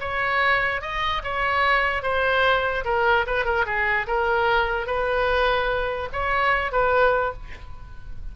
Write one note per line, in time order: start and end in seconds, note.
0.00 0.81 C#5
0.81 1.22 D#5
1.23 2.02 C#5
2.02 2.84 C5
2.84 3.25 A#4
3.26 3.45 B4
3.45 3.65 A#4
3.65 4.06 G#4
4.07 4.86 A#4
4.86 6.09 B4
6.12 6.72 C#5
6.72 7.33 B4